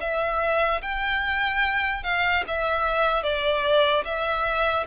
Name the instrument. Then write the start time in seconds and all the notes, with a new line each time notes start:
violin
0.00 E5
0.81 G5
2.03 F5
2.47 E5
3.23 D5
4.04 E5